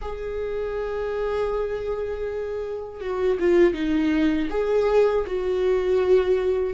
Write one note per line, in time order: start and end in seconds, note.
0.01 3.00 G#4
3.00 3.38 F#4
3.39 3.73 F4
3.73 4.48 D#4
4.50 5.25 G#4
5.26 6.73 F#4